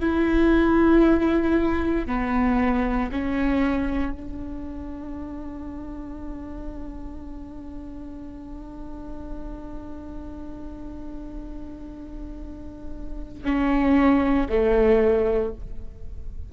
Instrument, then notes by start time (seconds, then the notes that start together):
viola
0.00 E4
2.07 B3
3.12 C#4
4.12 D4
13.44 C#4
14.49 A3